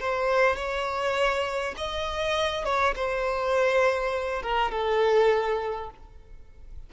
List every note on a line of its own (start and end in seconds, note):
0.00 0.56 C5
0.56 1.75 C#5
1.77 2.65 D#5
2.65 2.94 C#5
2.96 4.42 C5
4.42 4.71 A#4
4.71 5.90 A4